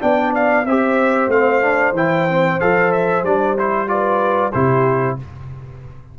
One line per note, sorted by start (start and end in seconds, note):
0.00 0.65 B3
0.00 0.65 D4
0.00 0.66 D5
0.00 0.33 G5
0.34 0.65 F5
0.65 1.27 C4
0.65 1.31 G4
0.65 3.90 C5
0.65 1.30 E5
1.27 1.92 A3
1.27 1.61 C4
1.27 1.95 F5
1.61 1.94 D4
1.92 2.56 E3
1.92 2.28 E4
1.92 2.60 G5
2.28 2.60 C4
2.60 3.23 F3
2.60 3.25 A4
2.60 2.91 F5
2.91 3.24 E5
3.23 4.52 G3
3.23 3.57 D4
3.23 3.57 D5
3.58 3.87 E4
3.58 3.88 C5
3.87 4.52 F4
3.87 4.53 B4
3.87 4.52 D5
4.52 5.18 C3
4.52 5.18 E4
4.52 5.17 G4
4.52 5.17 C5